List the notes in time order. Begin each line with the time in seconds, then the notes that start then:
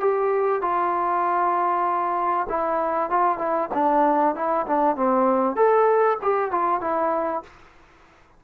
0.00 G4
0.62 F4
2.49 E4
3.10 F4
3.38 E4
3.74 D4
4.35 E4
4.67 D4
4.96 C4
5.56 A4
6.22 G4
6.51 F4
6.81 E4